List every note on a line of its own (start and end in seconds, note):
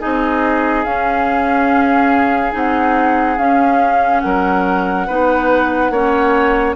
0.00 0.85 C4
0.00 0.85 D#4
0.00 4.23 G#4
0.00 0.84 D#5
0.84 2.54 C#4
0.84 2.52 C#4
0.84 2.53 F5
2.52 3.38 C4
2.52 3.37 D#4
2.52 3.39 F#5
3.38 4.22 C#4
3.38 5.08 C#4
3.38 4.20 F5
4.20 5.08 F#3
4.20 5.07 A#4
4.20 6.73 F#5
5.07 5.90 B3
5.07 5.93 D#4
5.07 5.92 B4
5.90 6.75 A#3
5.90 6.76 C#4
5.90 6.76 C#5